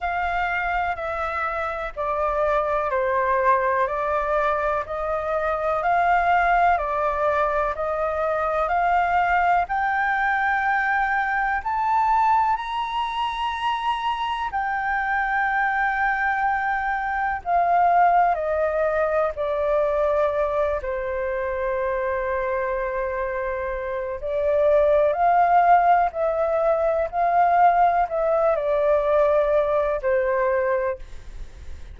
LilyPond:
\new Staff \with { instrumentName = "flute" } { \time 4/4 \tempo 4 = 62 f''4 e''4 d''4 c''4 | d''4 dis''4 f''4 d''4 | dis''4 f''4 g''2 | a''4 ais''2 g''4~ |
g''2 f''4 dis''4 | d''4. c''2~ c''8~ | c''4 d''4 f''4 e''4 | f''4 e''8 d''4. c''4 | }